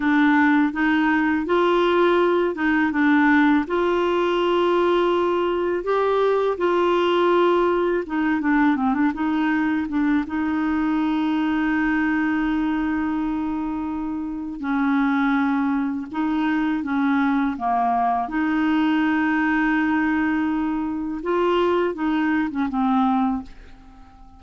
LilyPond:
\new Staff \with { instrumentName = "clarinet" } { \time 4/4 \tempo 4 = 82 d'4 dis'4 f'4. dis'8 | d'4 f'2. | g'4 f'2 dis'8 d'8 | c'16 d'16 dis'4 d'8 dis'2~ |
dis'1 | cis'2 dis'4 cis'4 | ais4 dis'2.~ | dis'4 f'4 dis'8. cis'16 c'4 | }